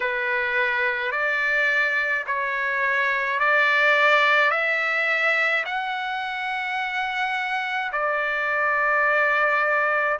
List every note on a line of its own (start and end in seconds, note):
0.00 1.11 B4
1.11 2.24 D5
2.26 3.40 C#5
3.40 4.50 D5
4.50 5.63 E5
5.65 7.91 F#5
7.92 10.18 D5